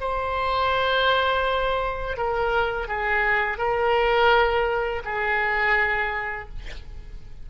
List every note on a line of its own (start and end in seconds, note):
0.00 2.17 C5
2.17 2.88 A#4
2.88 3.58 G#4
3.58 5.02 A#4
5.04 6.49 G#4